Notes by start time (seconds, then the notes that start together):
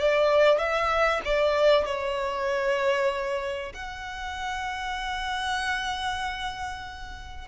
0.00 D5
0.59 E5
1.25 D5
1.86 C#5
3.74 F#5